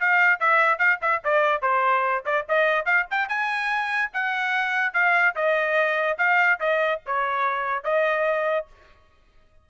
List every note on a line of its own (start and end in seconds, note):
0.00 0.40 F5
0.40 0.79 E5
0.79 0.99 F5
1.02 1.22 E5
1.25 1.62 D5
1.62 2.24 C5
2.26 2.46 D5
2.49 2.86 D#5
2.86 3.07 F5
3.11 3.29 G5
3.29 4.12 G#5
4.14 4.94 F#5
4.94 5.35 F5
5.36 6.18 D#5
6.18 6.60 F5
6.60 7.01 D#5
7.06 7.84 C#5
7.84 8.67 D#5